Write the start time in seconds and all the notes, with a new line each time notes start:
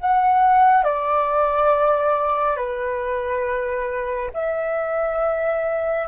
0.00 F#5
0.84 D5
2.57 B4
4.34 E5